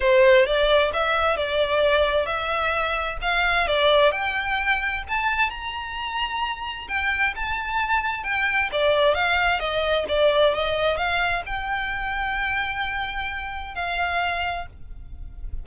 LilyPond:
\new Staff \with { instrumentName = "violin" } { \time 4/4 \tempo 4 = 131 c''4 d''4 e''4 d''4~ | d''4 e''2 f''4 | d''4 g''2 a''4 | ais''2. g''4 |
a''2 g''4 d''4 | f''4 dis''4 d''4 dis''4 | f''4 g''2.~ | g''2 f''2 | }